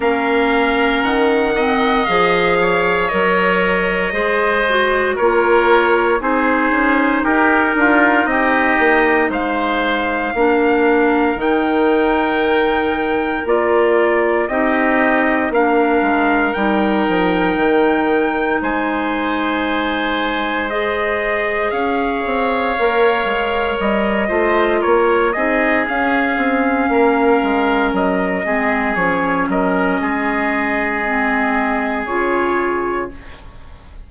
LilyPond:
<<
  \new Staff \with { instrumentName = "trumpet" } { \time 4/4 \tempo 4 = 58 f''4 fis''4 f''4 dis''4~ | dis''4 cis''4 c''4 ais'4 | dis''4 f''2 g''4~ | g''4 d''4 dis''4 f''4 |
g''2 gis''2 | dis''4 f''2 dis''4 | cis''8 dis''8 f''2 dis''4 | cis''8 dis''2~ dis''8 cis''4 | }
  \new Staff \with { instrumentName = "oboe" } { \time 4/4 ais'4. dis''4 cis''4. | c''4 ais'4 gis'4 g'8 f'8 | g'4 c''4 ais'2~ | ais'2 g'4 ais'4~ |
ais'2 c''2~ | c''4 cis''2~ cis''8 c''8 | ais'8 gis'4. ais'4. gis'8~ | gis'8 ais'8 gis'2. | }
  \new Staff \with { instrumentName = "clarinet" } { \time 4/4 cis'4. c'8 gis'4 ais'4 | gis'8 fis'8 f'4 dis'2~ | dis'2 d'4 dis'4~ | dis'4 f'4 dis'4 d'4 |
dis'1 | gis'2 ais'4. f'8~ | f'8 dis'8 cis'2~ cis'8 c'8 | cis'2 c'4 f'4 | }
  \new Staff \with { instrumentName = "bassoon" } { \time 4/4 ais4 dis4 f4 fis4 | gis4 ais4 c'8 cis'8 dis'8 d'8 | c'8 ais8 gis4 ais4 dis4~ | dis4 ais4 c'4 ais8 gis8 |
g8 f8 dis4 gis2~ | gis4 cis'8 c'8 ais8 gis8 g8 a8 | ais8 c'8 cis'8 c'8 ais8 gis8 fis8 gis8 | f8 fis8 gis2 cis4 | }
>>